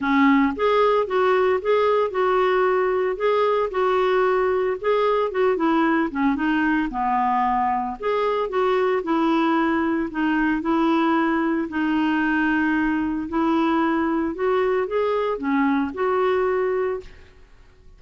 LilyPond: \new Staff \with { instrumentName = "clarinet" } { \time 4/4 \tempo 4 = 113 cis'4 gis'4 fis'4 gis'4 | fis'2 gis'4 fis'4~ | fis'4 gis'4 fis'8 e'4 cis'8 | dis'4 b2 gis'4 |
fis'4 e'2 dis'4 | e'2 dis'2~ | dis'4 e'2 fis'4 | gis'4 cis'4 fis'2 | }